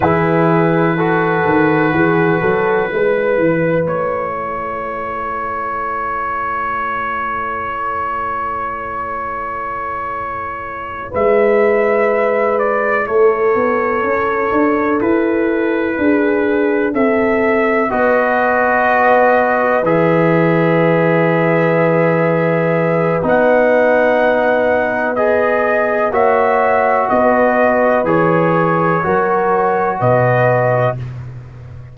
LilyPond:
<<
  \new Staff \with { instrumentName = "trumpet" } { \time 4/4 \tempo 4 = 62 b'1 | cis''1~ | cis''2.~ cis''8 e''8~ | e''4 d''8 cis''2 b'8~ |
b'4. e''4 dis''4.~ | dis''8 e''2.~ e''8 | fis''2 dis''4 e''4 | dis''4 cis''2 dis''4 | }
  \new Staff \with { instrumentName = "horn" } { \time 4/4 gis'4 a'4 gis'8 a'8 b'4~ | b'8 a'2.~ a'8~ | a'2.~ a'8 b'8~ | b'4. a'2~ a'8~ |
a'8 gis'4 a'4 b'4.~ | b'1~ | b'2. cis''4 | b'2 ais'4 b'4 | }
  \new Staff \with { instrumentName = "trombone" } { \time 4/4 e'4 fis'2 e'4~ | e'1~ | e'1~ | e'1~ |
e'2~ e'8 fis'4.~ | fis'8 gis'2.~ gis'8 | dis'2 gis'4 fis'4~ | fis'4 gis'4 fis'2 | }
  \new Staff \with { instrumentName = "tuba" } { \time 4/4 e4. dis8 e8 fis8 gis8 e8 | a1~ | a2.~ a8 gis8~ | gis4. a8 b8 cis'8 d'8 e'8~ |
e'8 d'4 c'4 b4.~ | b8 e2.~ e8 | b2. ais4 | b4 e4 fis4 b,4 | }
>>